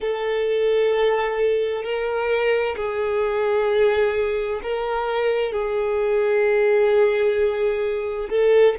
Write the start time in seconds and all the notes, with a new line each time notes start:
0.00 A4
1.83 A#4
2.76 G#4
4.62 A#4
5.52 G#4
8.29 A4